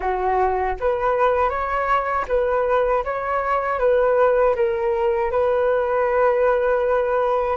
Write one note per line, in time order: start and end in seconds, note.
0.00 0.76 F#4
0.79 1.49 B4
1.49 2.25 C#5
2.28 3.04 B4
3.04 3.79 C#5
3.79 4.55 B4
4.55 5.31 A#4
5.31 7.56 B4